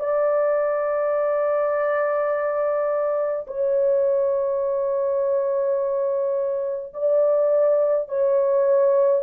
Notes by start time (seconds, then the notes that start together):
0.00 D5
3.47 C#5
6.94 D5
8.09 C#5